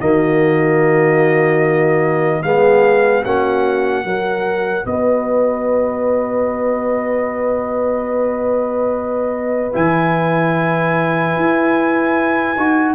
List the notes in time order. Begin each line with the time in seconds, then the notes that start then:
0.00 D#3 A#3 F#4 D#5
2.43 G#3 B3 G#4 F5
3.23 A#3 C#4 F#4 F#5
4.04 F#3 F#4 A#4
4.86 B3 B4 D#5
9.73 E3 E4 G#5
11.36 E4
12.57 D#4 F#4